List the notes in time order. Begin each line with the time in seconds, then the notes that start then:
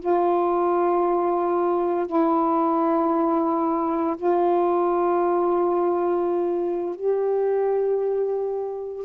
0.00 F4
2.07 E4
4.17 F4
6.96 G4